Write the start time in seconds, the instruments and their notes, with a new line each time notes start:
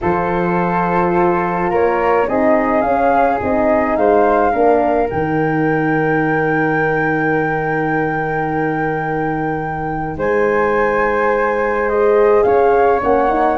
0.01 tuba F3, horn F4, flute A4 C5
1.70 tuba A#3, flute A#4 C#5
2.27 tuba C4, horn D#4, flute G#4 D#5
2.81 tuba C#4, horn C#4, flute F5
3.42 tuba C4, horn D#4, flute D#5
3.96 tuba G#3, flute C5 F5
4.50 tuba A#3, horn D4, flute A#4
5.07 tuba D#3, horn D#4, flute G5
10.17 tuba G#3, flute C5 G#5
11.89 horn G#4, flute D#5
12.43 tuba C#4, flute C#5 F5
13.01 tuba A#3, horn C#4, flute F#5
13.28 horn D#4